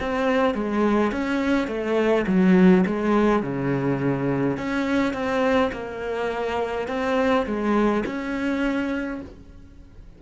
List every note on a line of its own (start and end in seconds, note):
0.00 0.55 C4
0.55 1.12 G#3
1.12 1.68 C#4
1.68 2.26 A3
2.27 2.85 F#3
2.86 3.43 G#3
3.43 4.57 C#3
4.57 5.13 C#4
5.13 5.71 C4
5.73 6.88 A#3
6.88 7.46 C4
7.46 8.04 G#3
8.06 9.22 C#4